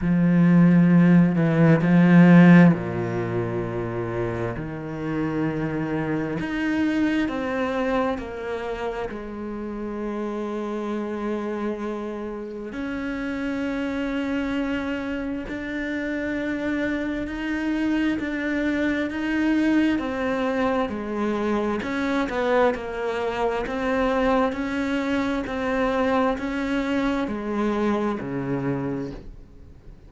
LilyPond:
\new Staff \with { instrumentName = "cello" } { \time 4/4 \tempo 4 = 66 f4. e8 f4 ais,4~ | ais,4 dis2 dis'4 | c'4 ais4 gis2~ | gis2 cis'2~ |
cis'4 d'2 dis'4 | d'4 dis'4 c'4 gis4 | cis'8 b8 ais4 c'4 cis'4 | c'4 cis'4 gis4 cis4 | }